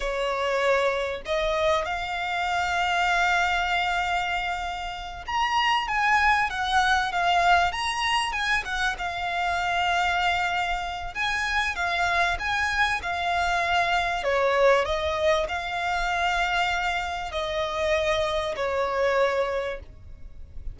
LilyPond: \new Staff \with { instrumentName = "violin" } { \time 4/4 \tempo 4 = 97 cis''2 dis''4 f''4~ | f''1~ | f''8 ais''4 gis''4 fis''4 f''8~ | f''8 ais''4 gis''8 fis''8 f''4.~ |
f''2 gis''4 f''4 | gis''4 f''2 cis''4 | dis''4 f''2. | dis''2 cis''2 | }